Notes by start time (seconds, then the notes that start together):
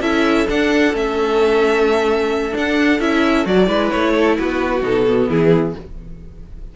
0.00 C#4 E4 A4 E5
0.48 D4 F#5
0.93 A3 C#4 E5
2.52 D4
2.58 F#5
3.00 C#4 E4 E5
3.45 F#3 F#4 D5
3.66 G#3 E4 B4
3.90 A3 C#5
4.15 A4
4.37 B3 F#4 B4
4.83 B2 D#4 A4
5.07 B3
5.29 E3 E4 G#4